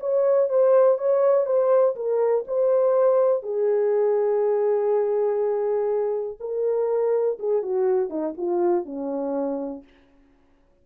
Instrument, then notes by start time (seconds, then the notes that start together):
horn
0.00 C#5
0.49 C5
0.98 C#5
1.46 C5
1.96 A#4
2.47 C5
3.43 G#4
6.40 A#4
7.39 G#4
7.63 F#4
8.10 D#4
8.37 F4
8.85 C#4